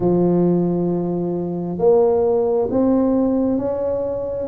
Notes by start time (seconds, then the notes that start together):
0.00 F3
1.78 A#3
2.70 C4
3.58 C#4